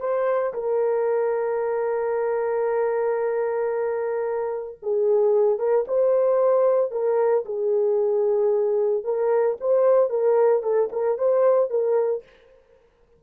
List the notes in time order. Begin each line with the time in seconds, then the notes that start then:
0.00 C5
0.54 A#4
4.83 G#4
5.59 A#4
5.88 C5
6.91 A#4
7.46 G#4
9.04 A#4
9.61 C5
10.10 A#4
10.63 A4
10.92 A#4
11.18 C5
11.70 A#4